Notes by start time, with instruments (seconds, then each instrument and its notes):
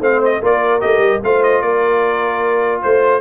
0.00 tuba A3, trombone C4, horn C5, trumpet F5
0.25 trumpet D#5
0.42 tuba A#3, trombone F4, horn A#4, trumpet D5
0.80 tuba A3, trombone G4, trumpet D#5
0.99 tuba G3
1.23 tuba A3, trombone F4, horn C5, trumpet F5
1.43 trumpet D#5
1.62 tuba A#3, horn A#4, trumpet D5
2.82 tuba A3, trumpet C5, horn C5